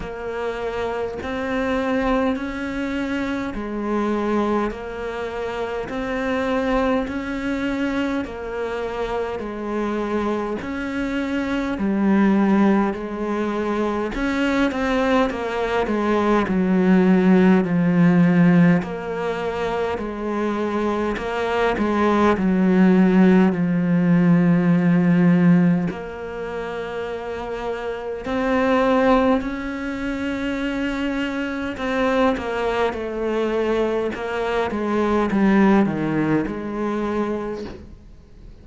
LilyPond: \new Staff \with { instrumentName = "cello" } { \time 4/4 \tempo 4 = 51 ais4 c'4 cis'4 gis4 | ais4 c'4 cis'4 ais4 | gis4 cis'4 g4 gis4 | cis'8 c'8 ais8 gis8 fis4 f4 |
ais4 gis4 ais8 gis8 fis4 | f2 ais2 | c'4 cis'2 c'8 ais8 | a4 ais8 gis8 g8 dis8 gis4 | }